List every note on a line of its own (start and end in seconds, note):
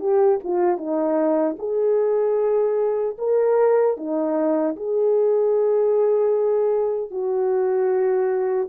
0.00 0.39 G4
0.44 0.78 F4
0.78 1.57 D#4
1.59 3.17 G#4
3.19 3.98 A#4
3.98 4.77 D#4
4.77 7.11 G#4
7.11 8.69 F#4